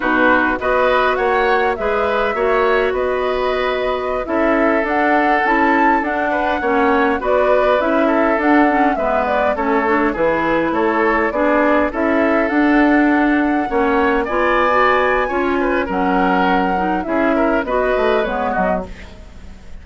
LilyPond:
<<
  \new Staff \with { instrumentName = "flute" } { \time 4/4 \tempo 4 = 102 b'4 dis''4 fis''4 e''4~ | e''4 dis''2~ dis''16 e''8.~ | e''16 fis''4 a''4 fis''4.~ fis''16~ | fis''16 d''4 e''4 fis''4 e''8 d''16~ |
d''16 cis''4 b'4 cis''4 d''8.~ | d''16 e''4 fis''2~ fis''8.~ | fis''16 gis''2~ gis''8. fis''4~ | fis''4 e''4 dis''4 cis''8 dis''8 | }
  \new Staff \with { instrumentName = "oboe" } { \time 4/4 fis'4 b'4 cis''4 b'4 | cis''4 b'2~ b'16 a'8.~ | a'2~ a'8. b'8 cis''8.~ | cis''16 b'4. a'4. b'8.~ |
b'16 a'4 gis'4 a'4 gis'8.~ | gis'16 a'2. cis''8.~ | cis''16 d''4.~ d''16 cis''8 b'8 ais'4~ | ais'4 gis'8 ais'8 b'4. fis'8 | }
  \new Staff \with { instrumentName = "clarinet" } { \time 4/4 dis'4 fis'2 gis'4 | fis'2.~ fis'16 e'8.~ | e'16 d'4 e'4 d'4 cis'8.~ | cis'16 fis'4 e'4 d'8 cis'8 b8.~ |
b16 cis'8 d'8 e'2 d'8.~ | d'16 e'4 d'2 cis'8.~ | cis'16 f'8. fis'4 f'4 cis'4~ | cis'8 dis'8 e'4 fis'4 b4 | }
  \new Staff \with { instrumentName = "bassoon" } { \time 4/4 b,4 b4 ais4 gis4 | ais4 b2~ b16 cis'8.~ | cis'16 d'4 cis'4 d'4 ais8.~ | ais16 b4 cis'4 d'4 gis8.~ |
gis16 a4 e4 a4 b8.~ | b16 cis'4 d'2 ais8.~ | ais16 b4.~ b16 cis'4 fis4~ | fis4 cis'4 b8 a8 gis8 fis8 | }
>>